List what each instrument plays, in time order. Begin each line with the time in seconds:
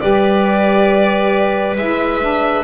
0.00 double bass G3, saxophone G4, clarinet B4, violin D5
1.77 double bass G#3, saxophone E4, violin E5
2.21 saxophone D4